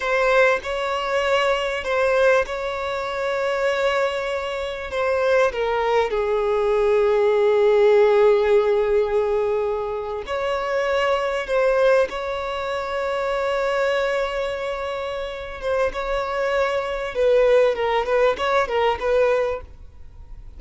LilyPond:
\new Staff \with { instrumentName = "violin" } { \time 4/4 \tempo 4 = 98 c''4 cis''2 c''4 | cis''1 | c''4 ais'4 gis'2~ | gis'1~ |
gis'8. cis''2 c''4 cis''16~ | cis''1~ | cis''4. c''8 cis''2 | b'4 ais'8 b'8 cis''8 ais'8 b'4 | }